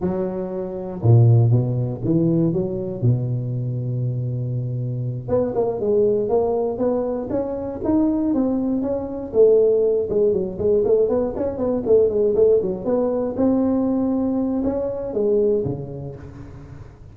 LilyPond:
\new Staff \with { instrumentName = "tuba" } { \time 4/4 \tempo 4 = 119 fis2 ais,4 b,4 | e4 fis4 b,2~ | b,2~ b,8 b8 ais8 gis8~ | gis8 ais4 b4 cis'4 dis'8~ |
dis'8 c'4 cis'4 a4. | gis8 fis8 gis8 a8 b8 cis'8 b8 a8 | gis8 a8 fis8 b4 c'4.~ | c'4 cis'4 gis4 cis4 | }